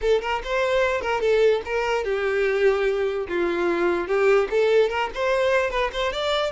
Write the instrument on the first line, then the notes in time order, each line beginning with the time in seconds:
violin
0.01 A4
0.21 A#4
0.44 C5
1.01 A#4
1.21 A4
1.65 A#4
2.04 G4
3.28 F4
4.07 G4
4.50 A4
4.89 A#4
5.14 C5
5.70 B4
5.93 C5
6.12 D5